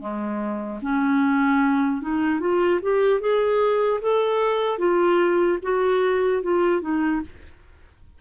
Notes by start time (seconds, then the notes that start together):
0.00 G#3
0.83 C#4
2.02 D#4
2.40 F4
2.82 G4
3.21 G#4
4.01 A4
4.79 F4
5.63 F#4
6.43 F4
6.81 D#4